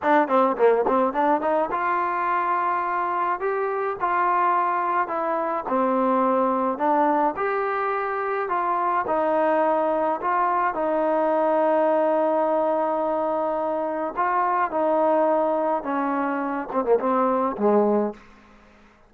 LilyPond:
\new Staff \with { instrumentName = "trombone" } { \time 4/4 \tempo 4 = 106 d'8 c'8 ais8 c'8 d'8 dis'8 f'4~ | f'2 g'4 f'4~ | f'4 e'4 c'2 | d'4 g'2 f'4 |
dis'2 f'4 dis'4~ | dis'1~ | dis'4 f'4 dis'2 | cis'4. c'16 ais16 c'4 gis4 | }